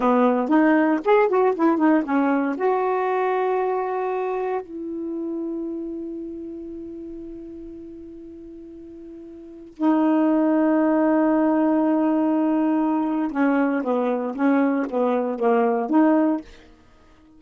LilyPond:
\new Staff \with { instrumentName = "saxophone" } { \time 4/4 \tempo 4 = 117 b4 dis'4 gis'8 fis'8 e'8 dis'8 | cis'4 fis'2.~ | fis'4 e'2.~ | e'1~ |
e'2. dis'4~ | dis'1~ | dis'2 cis'4 b4 | cis'4 b4 ais4 dis'4 | }